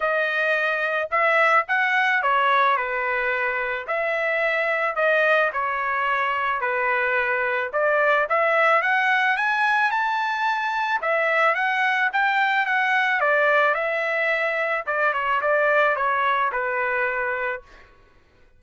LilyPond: \new Staff \with { instrumentName = "trumpet" } { \time 4/4 \tempo 4 = 109 dis''2 e''4 fis''4 | cis''4 b'2 e''4~ | e''4 dis''4 cis''2 | b'2 d''4 e''4 |
fis''4 gis''4 a''2 | e''4 fis''4 g''4 fis''4 | d''4 e''2 d''8 cis''8 | d''4 cis''4 b'2 | }